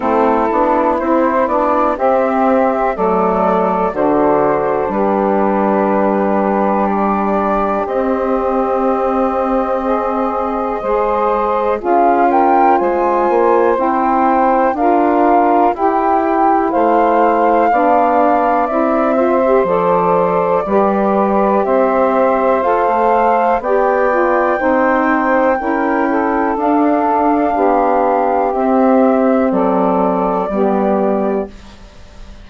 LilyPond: <<
  \new Staff \with { instrumentName = "flute" } { \time 4/4 \tempo 4 = 61 a'4 c''8 d''8 e''4 d''4 | c''4 b'2 d''4 | dis''1 | f''8 g''8 gis''4 g''4 f''4 |
g''4 f''2 e''4 | d''2 e''4 f''4 | g''2. f''4~ | f''4 e''4 d''2 | }
  \new Staff \with { instrumentName = "saxophone" } { \time 4/4 e'2 g'4 a'4 | fis'4 g'2.~ | g'2 gis'4 c''4 | gis'8 ais'8 c''2 ais'4 |
g'4 c''4 d''4. c''8~ | c''4 b'4 c''2 | d''4 c''4 ais'8 a'4. | g'2 a'4 g'4 | }
  \new Staff \with { instrumentName = "saxophone" } { \time 4/4 c'8 d'8 e'8 d'8 c'4 a4 | d'1 | c'2. gis'4 | f'2 e'4 f'4 |
e'2 d'4 e'8 f'16 g'16 | a'4 g'2 a'4 | g'8 f'8 dis'4 e'4 d'4~ | d'4 c'2 b4 | }
  \new Staff \with { instrumentName = "bassoon" } { \time 4/4 a8 b8 c'8 b8 c'4 fis4 | d4 g2. | c'2. gis4 | cis'4 gis8 ais8 c'4 d'4 |
e'4 a4 b4 c'4 | f4 g4 c'4 f'16 a8. | b4 c'4 cis'4 d'4 | b4 c'4 fis4 g4 | }
>>